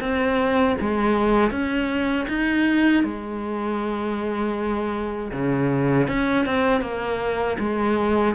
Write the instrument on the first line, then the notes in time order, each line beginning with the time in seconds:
cello
0.00 C4
0.80 G#3
1.51 C#4
2.28 D#4
3.03 G#3
5.32 C#3
6.08 C#4
6.46 C4
6.81 A#3
7.59 G#3